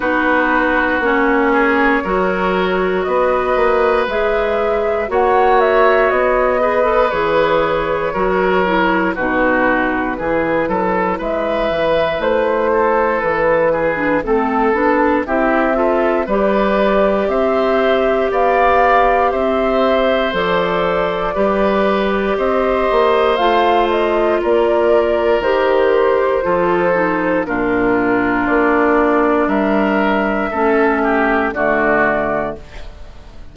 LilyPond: <<
  \new Staff \with { instrumentName = "flute" } { \time 4/4 \tempo 4 = 59 b'4 cis''2 dis''4 | e''4 fis''8 e''8 dis''4 cis''4~ | cis''4 b'2 e''4 | c''4 b'4 a'4 e''4 |
d''4 e''4 f''4 e''4 | d''2 dis''4 f''8 dis''8 | d''4 c''2 ais'4 | d''4 e''2 d''4 | }
  \new Staff \with { instrumentName = "oboe" } { \time 4/4 fis'4. gis'8 ais'4 b'4~ | b'4 cis''4. b'4. | ais'4 fis'4 gis'8 a'8 b'4~ | b'8 a'4 gis'8 a'4 g'8 a'8 |
b'4 c''4 d''4 c''4~ | c''4 b'4 c''2 | ais'2 a'4 f'4~ | f'4 ais'4 a'8 g'8 fis'4 | }
  \new Staff \with { instrumentName = "clarinet" } { \time 4/4 dis'4 cis'4 fis'2 | gis'4 fis'4. gis'16 a'16 gis'4 | fis'8 e'8 dis'4 e'2~ | e'4.~ e'16 d'16 c'8 d'8 e'8 f'8 |
g'1 | a'4 g'2 f'4~ | f'4 g'4 f'8 dis'8 d'4~ | d'2 cis'4 a4 | }
  \new Staff \with { instrumentName = "bassoon" } { \time 4/4 b4 ais4 fis4 b8 ais8 | gis4 ais4 b4 e4 | fis4 b,4 e8 fis8 gis8 e8 | a4 e4 a8 b8 c'4 |
g4 c'4 b4 c'4 | f4 g4 c'8 ais8 a4 | ais4 dis4 f4 ais,4 | ais4 g4 a4 d4 | }
>>